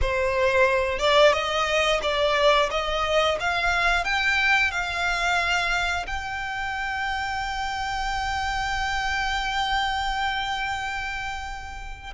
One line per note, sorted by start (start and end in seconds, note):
0.01 0.99 C5
0.99 1.32 D5
1.33 2.00 D#5
2.02 2.69 D5
2.70 3.38 D#5
3.40 4.04 F5
4.04 4.71 G5
4.71 6.06 F5
6.06 12.13 G5